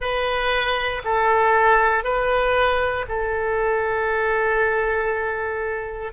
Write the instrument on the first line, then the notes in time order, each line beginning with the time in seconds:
oboe
0.00 B4
1.04 A4
2.03 B4
3.08 A4